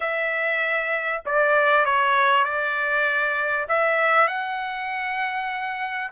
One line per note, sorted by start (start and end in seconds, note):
0.00 1.22 E5
1.25 1.85 D5
1.85 2.44 C#5
2.44 3.67 D5
3.68 4.27 E5
4.27 6.11 F#5